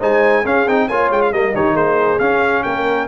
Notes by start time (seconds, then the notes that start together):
0.00 G#3 D#4 C5 G#5
0.43 C#4 G#4 F5
0.67 C4 D#4 G5
0.88 A#3 F4 C#5 G#5
1.11 G#3 G5
1.22 F5
1.32 G3 A#3 D#5
1.55 D#3 D#4 G4 C#5
1.75 A#3 G#4 C5
2.20 C#4 F5
2.64 A#3 A#4 G5